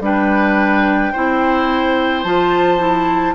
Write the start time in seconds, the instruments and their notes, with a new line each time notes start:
0.00 bassoon G3, clarinet D4, oboe B4, flute G5
1.12 bassoon C4, clarinet E4, oboe C5
2.23 bassoon F3, clarinet F4, flute A5
2.78 clarinet E4